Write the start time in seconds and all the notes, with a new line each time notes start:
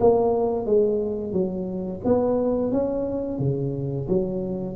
0.00 A#3
0.66 G#3
1.32 F#3
2.05 B3
2.72 C#4
3.39 C#3
4.08 F#3